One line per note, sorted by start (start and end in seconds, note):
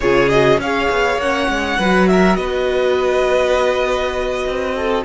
0.00 0.58 C#3
0.00 0.30 F4
0.00 0.60 G#4
0.00 0.29 C#5
0.29 0.60 F#4
0.29 0.58 D#5
0.58 0.88 C#4
0.58 1.21 G#4
0.58 1.79 C#5
0.58 1.20 F5
0.90 1.18 B3
1.18 1.47 A#3
1.18 1.81 C#4
1.18 2.07 F#5
1.48 1.78 G#3
1.78 2.37 F#3
1.78 5.04 F#4
1.78 2.08 B4
2.07 2.37 A#4
2.07 2.36 E5
2.36 4.45 B3
2.36 4.75 B4
2.36 5.03 D#5
4.46 5.04 C4
4.75 5.04 A4